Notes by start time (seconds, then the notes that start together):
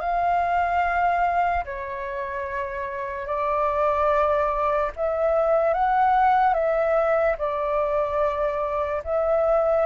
0.00 F5
1.65 C#5
3.26 D5
4.96 E5
5.73 F#5
6.54 E5
7.38 D5
9.04 E5